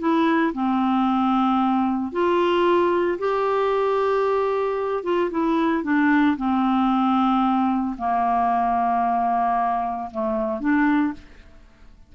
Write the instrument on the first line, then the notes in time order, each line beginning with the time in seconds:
clarinet
0.00 E4
0.54 C4
2.13 F4
3.19 G4
5.04 F4
5.31 E4
5.84 D4
6.37 C4
7.98 A#3
10.12 A3
10.60 D4